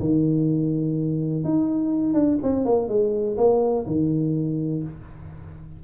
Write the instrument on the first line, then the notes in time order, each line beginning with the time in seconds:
tuba
0.00 D#3
1.45 D#4
2.14 D4
2.43 C4
2.65 A#3
2.89 G#3
3.38 A#3
3.87 D#3